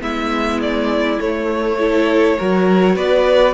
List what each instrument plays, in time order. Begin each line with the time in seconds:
0.00 cello G#3, viola B3, violin E4 E5
0.61 violin D5
1.19 viola A3, cello A3, violin C#5
1.77 viola E4, violin A4
2.38 cello F#3, viola F#4, violin A#4
2.96 cello B3, violin B4 D5